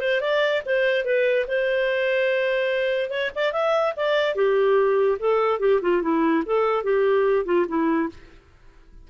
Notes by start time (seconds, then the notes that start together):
0.00 C5
0.21 D5
0.65 C5
1.04 B4
1.47 C5
3.10 C#5
3.35 D5
3.52 E5
3.96 D5
4.35 G4
5.19 A4
5.59 G4
5.81 F4
6.02 E4
6.45 A4
6.83 G4
7.45 F4
7.68 E4